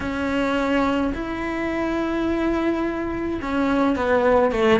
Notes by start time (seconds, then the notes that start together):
0.00 C#4
1.13 E4
3.41 C#4
3.95 B3
4.51 A3